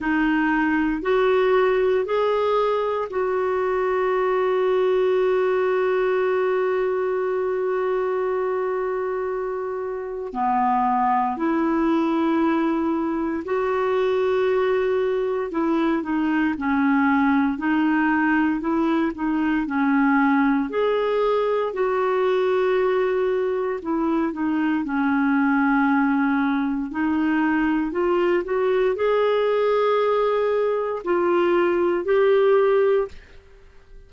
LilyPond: \new Staff \with { instrumentName = "clarinet" } { \time 4/4 \tempo 4 = 58 dis'4 fis'4 gis'4 fis'4~ | fis'1~ | fis'2 b4 e'4~ | e'4 fis'2 e'8 dis'8 |
cis'4 dis'4 e'8 dis'8 cis'4 | gis'4 fis'2 e'8 dis'8 | cis'2 dis'4 f'8 fis'8 | gis'2 f'4 g'4 | }